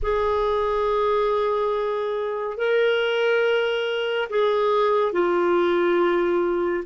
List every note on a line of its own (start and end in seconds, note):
0.02 2.57 G#4
2.57 4.28 A#4
4.29 5.12 G#4
5.12 6.84 F4